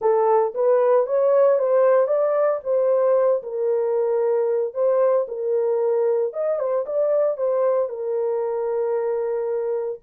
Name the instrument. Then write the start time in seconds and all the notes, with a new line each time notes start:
horn
0.01 A4
0.54 B4
1.06 C#5
1.58 C5
2.07 D5
2.63 C5
3.42 A#4
4.73 C5
5.28 A#4
6.33 D#5
6.59 C5
6.85 D5
7.37 C5
7.89 A#4